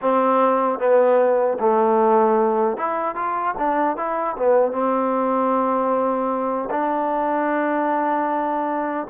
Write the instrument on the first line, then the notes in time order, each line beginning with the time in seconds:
trombone
0.01 C4
0.79 B3
1.59 A3
2.77 E4
3.15 F4
3.57 D4
3.96 E4
4.36 B3
4.72 C4
6.70 D4